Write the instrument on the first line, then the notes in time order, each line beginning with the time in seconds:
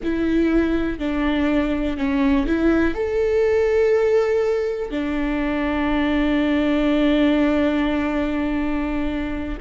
viola
0.03 E4
0.98 D4
1.97 C#4
2.46 E4
2.94 A4
4.90 D4